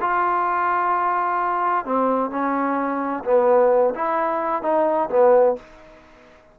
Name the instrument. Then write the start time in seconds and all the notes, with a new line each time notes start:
trombone
0.00 F4
1.85 C4
2.30 C#4
3.24 B3
3.95 E4
4.62 D#4
5.09 B3